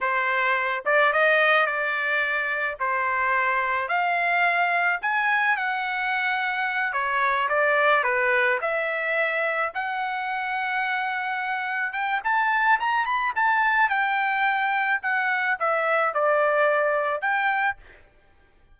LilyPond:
\new Staff \with { instrumentName = "trumpet" } { \time 4/4 \tempo 4 = 108 c''4. d''8 dis''4 d''4~ | d''4 c''2 f''4~ | f''4 gis''4 fis''2~ | fis''8 cis''4 d''4 b'4 e''8~ |
e''4. fis''2~ fis''8~ | fis''4. g''8 a''4 ais''8 b''8 | a''4 g''2 fis''4 | e''4 d''2 g''4 | }